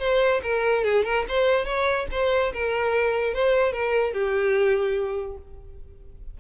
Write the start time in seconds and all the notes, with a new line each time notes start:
0.00 C5
0.43 A#4
0.84 G#4
1.05 A#4
1.29 C5
1.65 C#5
2.12 C5
2.53 A#4
3.34 C5
3.72 A#4
4.13 G4